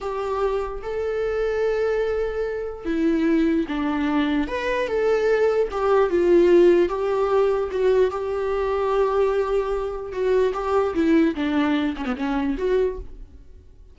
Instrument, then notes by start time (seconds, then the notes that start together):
viola
0.00 G4
0.82 A4
2.85 E4
3.68 D4
4.47 B4
4.87 A4
5.71 G4
6.10 F4
6.88 G4
7.71 F#4
8.10 G4
10.12 F#4
10.53 G4
10.94 E4
11.35 D4
11.96 C#4
12.05 B3
12.15 C#4
12.57 F#4